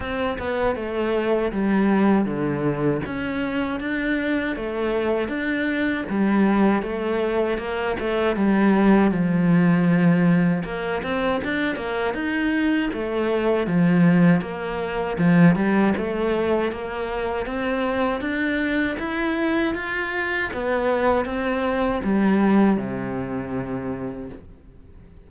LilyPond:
\new Staff \with { instrumentName = "cello" } { \time 4/4 \tempo 4 = 79 c'8 b8 a4 g4 d4 | cis'4 d'4 a4 d'4 | g4 a4 ais8 a8 g4 | f2 ais8 c'8 d'8 ais8 |
dis'4 a4 f4 ais4 | f8 g8 a4 ais4 c'4 | d'4 e'4 f'4 b4 | c'4 g4 c2 | }